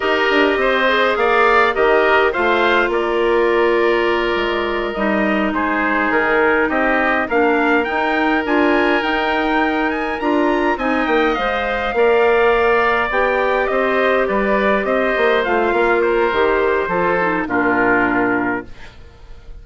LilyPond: <<
  \new Staff \with { instrumentName = "trumpet" } { \time 4/4 \tempo 4 = 103 dis''2 f''4 dis''4 | f''4 d''2.~ | d''8 dis''4 c''4 ais'4 dis''8~ | dis''8 f''4 g''4 gis''4 g''8~ |
g''4 gis''8 ais''4 gis''8 g''8 f''8~ | f''2~ f''8 g''4 dis''8~ | dis''8 d''4 dis''4 f''4 c''8~ | c''2 ais'2 | }
  \new Staff \with { instrumentName = "oboe" } { \time 4/4 ais'4 c''4 d''4 ais'4 | c''4 ais'2.~ | ais'4. gis'2 g'8~ | g'8 ais'2.~ ais'8~ |
ais'2~ ais'8 dis''4.~ | dis''8 d''2. c''8~ | c''8 b'4 c''4. ais'4~ | ais'4 a'4 f'2 | }
  \new Staff \with { instrumentName = "clarinet" } { \time 4/4 g'4. gis'4. g'4 | f'1~ | f'8 dis'2.~ dis'8~ | dis'8 d'4 dis'4 f'4 dis'8~ |
dis'4. f'4 dis'4 c''8~ | c''8 ais'2 g'4.~ | g'2~ g'8 f'4. | g'4 f'8 dis'8 d'2 | }
  \new Staff \with { instrumentName = "bassoon" } { \time 4/4 dis'8 d'8 c'4 ais4 dis4 | a4 ais2~ ais8 gis8~ | gis8 g4 gis4 dis4 c'8~ | c'8 ais4 dis'4 d'4 dis'8~ |
dis'4. d'4 c'8 ais8 gis8~ | gis8 ais2 b4 c'8~ | c'8 g4 c'8 ais8 a8 ais4 | dis4 f4 ais,2 | }
>>